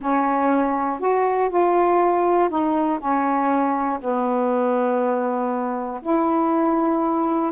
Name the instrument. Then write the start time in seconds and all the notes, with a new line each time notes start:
saxophone
0.00 C#4
0.99 F#4
1.49 F4
2.49 D#4
2.99 C#4
4.00 B3
6.02 E4